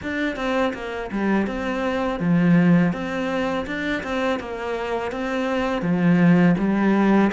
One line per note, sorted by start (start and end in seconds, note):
0.02 0.36 D4
0.36 0.72 C4
0.73 1.10 A#3
1.11 1.46 G3
1.46 2.19 C4
2.19 2.92 F3
2.92 3.66 C4
3.66 4.02 D4
4.03 4.39 C4
4.39 5.11 A#3
5.11 5.82 C4
5.82 6.55 F3
6.58 7.31 G3